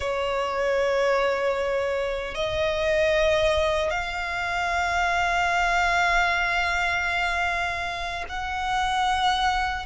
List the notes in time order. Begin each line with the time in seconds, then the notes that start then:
0.00 C#5
2.34 D#5
3.90 F5
8.29 F#5